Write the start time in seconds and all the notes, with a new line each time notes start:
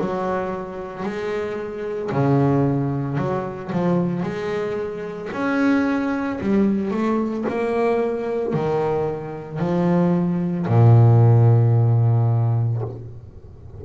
0.00 F#3
1.04 G#3
2.13 C#3
3.18 F#3
3.73 F3
4.23 G#3
5.33 C#4
6.41 G3
6.91 A3
7.49 A#3
8.54 D#3
9.59 F3
10.68 A#2